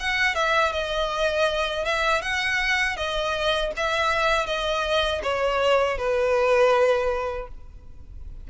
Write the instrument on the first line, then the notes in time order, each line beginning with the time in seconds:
violin
0.00 F#5
0.35 E5
0.73 D#5
1.85 E5
2.22 F#5
2.97 D#5
3.77 E5
4.47 D#5
5.23 C#5
5.98 B4